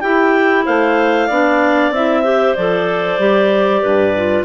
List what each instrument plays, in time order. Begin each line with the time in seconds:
0.00 bassoon E4, clarinet E4 G4 G5
0.65 bassoon A3, clarinet C5 F5
1.27 bassoon B3, clarinet D4 D5
1.90 bassoon C4, clarinet E4 E5
2.23 clarinet G4 C5
2.55 bassoon F3, clarinet A4 D5
3.18 bassoon G3, clarinet G4
3.81 bassoon G2, clarinet B4
4.16 clarinet F4